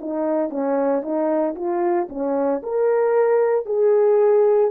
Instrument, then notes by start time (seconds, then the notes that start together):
horn
0.00 D#4
0.49 C#4
1.02 D#4
1.55 F4
2.09 C#4
2.63 A#4
3.66 G#4